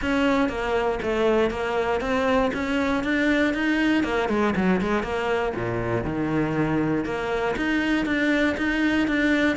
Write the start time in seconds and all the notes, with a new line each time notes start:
0.01 C#4
0.48 A#3
1.02 A3
1.50 A#3
2.00 C4
2.53 C#4
3.03 D4
3.54 D#4
4.03 A#3
4.28 G#3
4.55 F#3
4.81 G#3
5.02 A#3
5.55 A#2
6.04 D#3
7.04 A#3
7.56 D#4
8.05 D4
8.57 D#4
9.07 D4